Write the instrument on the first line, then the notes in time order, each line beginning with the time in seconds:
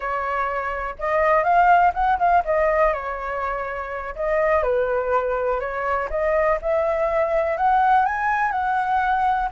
flute
0.00 C#5
0.98 D#5
1.43 F5
1.94 F#5
2.18 F5
2.45 D#5
2.93 C#5
4.15 D#5
4.63 B4
5.60 C#5
6.10 D#5
6.61 E5
7.57 F#5
8.05 G#5
8.51 F#5